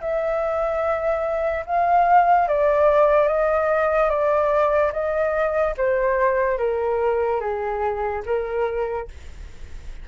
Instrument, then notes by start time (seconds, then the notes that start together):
flute
0.00 E5
1.66 F5
2.48 D5
3.27 D#5
4.09 D5
4.92 D#5
5.77 C5
6.58 A#4
7.40 G#4
8.25 A#4